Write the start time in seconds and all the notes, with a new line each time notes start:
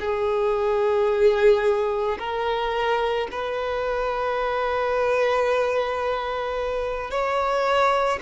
0.00 G#4
2.19 A#4
3.32 B4
7.11 C#5